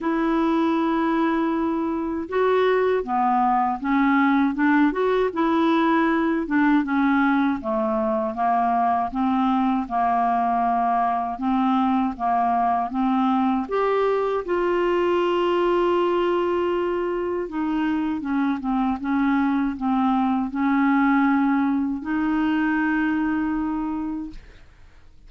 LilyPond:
\new Staff \with { instrumentName = "clarinet" } { \time 4/4 \tempo 4 = 79 e'2. fis'4 | b4 cis'4 d'8 fis'8 e'4~ | e'8 d'8 cis'4 a4 ais4 | c'4 ais2 c'4 |
ais4 c'4 g'4 f'4~ | f'2. dis'4 | cis'8 c'8 cis'4 c'4 cis'4~ | cis'4 dis'2. | }